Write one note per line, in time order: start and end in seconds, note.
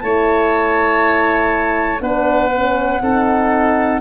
0.00 2.01 A3
0.00 2.01 E4
0.00 2.02 C#5
0.00 2.00 A5
2.01 3.01 B3
2.01 2.51 D4
2.01 3.02 B4
2.01 4.02 F#5
2.52 3.02 C#4
3.02 4.02 C4
3.02 4.02 D#4
3.02 4.02 A4